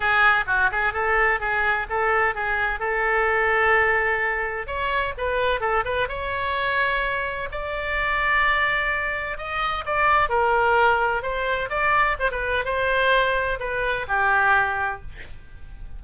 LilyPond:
\new Staff \with { instrumentName = "oboe" } { \time 4/4 \tempo 4 = 128 gis'4 fis'8 gis'8 a'4 gis'4 | a'4 gis'4 a'2~ | a'2 cis''4 b'4 | a'8 b'8 cis''2. |
d''1 | dis''4 d''4 ais'2 | c''4 d''4 c''16 b'8. c''4~ | c''4 b'4 g'2 | }